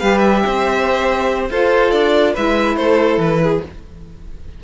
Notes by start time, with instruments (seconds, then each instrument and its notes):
0.00 cello G3, saxophone G4, violin B4 F5
0.19 violin E5
0.46 cello C4, violin C5
1.50 cello F4, saxophone F4, violin A4 C5
1.91 cello D4, violin D5
2.34 cello G#3, saxophone E4, violin B4 E5
2.77 cello A3, violin A4 C5
3.18 cello E3, violin B4
3.43 violin G#4